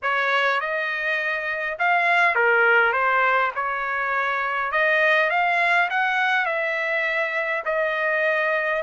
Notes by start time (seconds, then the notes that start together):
0.02 C#5
0.60 D#5
1.78 F5
2.35 A#4
2.93 C5
3.55 C#5
4.71 D#5
5.29 F5
5.90 F#5
6.45 E5
7.65 D#5